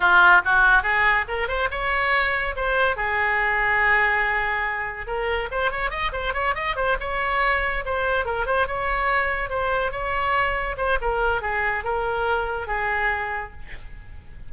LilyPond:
\new Staff \with { instrumentName = "oboe" } { \time 4/4 \tempo 4 = 142 f'4 fis'4 gis'4 ais'8 c''8 | cis''2 c''4 gis'4~ | gis'1 | ais'4 c''8 cis''8 dis''8 c''8 cis''8 dis''8 |
c''8 cis''2 c''4 ais'8 | c''8 cis''2 c''4 cis''8~ | cis''4. c''8 ais'4 gis'4 | ais'2 gis'2 | }